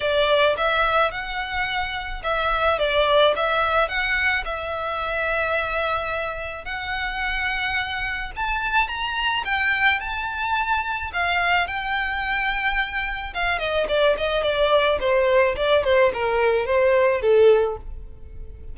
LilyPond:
\new Staff \with { instrumentName = "violin" } { \time 4/4 \tempo 4 = 108 d''4 e''4 fis''2 | e''4 d''4 e''4 fis''4 | e''1 | fis''2. a''4 |
ais''4 g''4 a''2 | f''4 g''2. | f''8 dis''8 d''8 dis''8 d''4 c''4 | d''8 c''8 ais'4 c''4 a'4 | }